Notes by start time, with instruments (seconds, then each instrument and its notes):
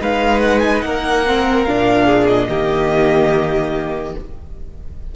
0.00 cello G#3, viola D#4, violin B4 F5
0.39 violin F#5
0.59 violin G#5
0.81 cello A#3, violin A#4 F#5
1.26 viola C4
1.64 cello A#2, viola D4, violin F5
2.05 violin G#4
2.26 violin D#5
2.48 cello D#3, viola A#3, violin G4